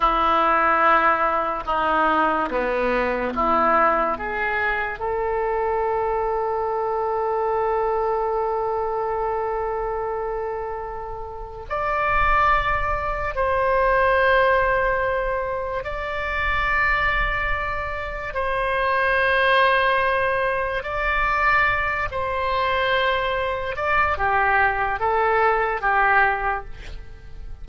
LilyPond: \new Staff \with { instrumentName = "oboe" } { \time 4/4 \tempo 4 = 72 e'2 dis'4 b4 | e'4 gis'4 a'2~ | a'1~ | a'2 d''2 |
c''2. d''4~ | d''2 c''2~ | c''4 d''4. c''4.~ | c''8 d''8 g'4 a'4 g'4 | }